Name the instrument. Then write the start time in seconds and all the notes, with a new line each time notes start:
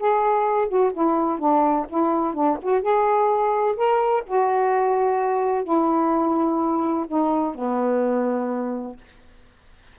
saxophone
0.00 G#4
0.69 F#4
0.94 E4
1.39 D4
1.89 E4
2.34 D4
2.62 F#4
2.82 G#4
3.77 A#4
4.27 F#4
5.65 E4
7.08 D#4
7.55 B3